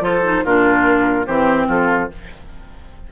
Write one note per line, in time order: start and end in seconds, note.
0.00 0.41 F3
0.00 0.21 F4
0.00 0.44 A4
0.00 0.45 C5
0.24 0.44 D#4
0.44 1.27 A#2
0.44 1.26 D4
0.44 1.26 F4
0.44 1.26 A#4
1.26 1.68 E3
1.26 2.09 C4
1.26 1.67 G4
1.26 1.67 C5
1.67 2.09 F3
1.67 2.09 F4
1.67 2.11 A4